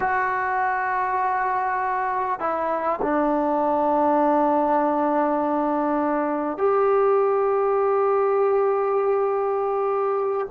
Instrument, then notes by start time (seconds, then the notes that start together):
trombone
0.00 F#4
2.39 E4
3.02 D4
6.57 G4